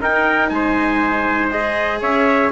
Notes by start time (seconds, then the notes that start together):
0.00 D#4 A#4 G5
0.49 G#3 C5 G#5
1.51 G#4 D#5
2.01 C#4 C#5 E5